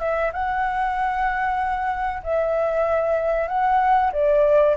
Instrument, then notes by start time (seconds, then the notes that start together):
flute
0.00 E5
0.33 F#5
2.23 E5
3.48 F#5
4.13 D5